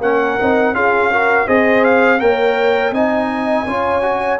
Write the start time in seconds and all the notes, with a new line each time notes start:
0.00 A#3 C#4 A#4 F#5
0.40 C4 D#4
0.73 C#4 F4 G#4 F5
1.11 F#4 A#4
1.47 C4 G#4 C5 D#5
1.84 F5
2.19 A#3 A#4 C#5 G5
2.91 C4 D#4 D#5 G#5
3.67 C#4 F4 C#5
4.02 F#4